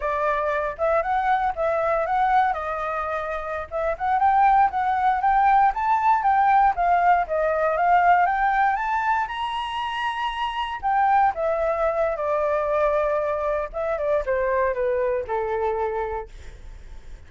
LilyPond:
\new Staff \with { instrumentName = "flute" } { \time 4/4 \tempo 4 = 118 d''4. e''8 fis''4 e''4 | fis''4 dis''2~ dis''16 e''8 fis''16~ | fis''16 g''4 fis''4 g''4 a''8.~ | a''16 g''4 f''4 dis''4 f''8.~ |
f''16 g''4 a''4 ais''4.~ ais''16~ | ais''4~ ais''16 g''4 e''4.~ e''16 | d''2. e''8 d''8 | c''4 b'4 a'2 | }